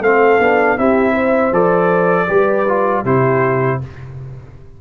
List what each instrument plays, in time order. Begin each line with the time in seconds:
0.00 tuba A3, trombone C4, horn A4, trumpet F5
0.39 tuba B3, trombone D4
0.78 tuba C4, trombone E4, horn G4, trumpet E5
1.12 horn C5
1.52 tuba F3, trombone A4, trumpet D5
2.27 tuba G3, trombone G4, horn B4
2.68 trombone F4
3.03 tuba C3, trombone E4, horn G4, trumpet C5